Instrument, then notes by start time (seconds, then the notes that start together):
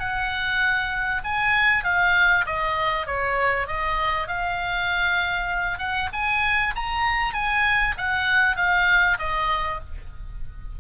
oboe
0.00 F#5
1.24 G#5
1.85 F5
2.46 D#5
3.07 C#5
3.67 D#5
4.28 F5
5.79 F#5
6.13 G#5
6.76 A#5
7.34 G#5
7.98 F#5
8.57 F5
9.19 D#5